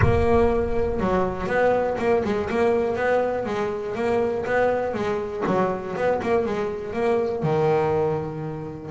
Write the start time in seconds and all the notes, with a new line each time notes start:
0.01 A#3
1.00 F#3
1.47 B3
1.98 A#3
2.24 G#3
2.50 A#3
2.96 B3
3.45 G#3
3.95 A#3
4.45 B3
4.94 G#3
5.46 F#3
5.96 B3
6.22 A#3
6.45 G#3
6.93 A#3
7.42 D#3